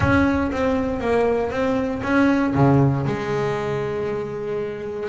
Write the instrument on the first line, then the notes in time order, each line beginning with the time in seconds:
double bass
0.00 C#4
0.51 C4
1.00 A#3
1.50 C4
2.03 C#4
2.54 C#3
3.06 G#3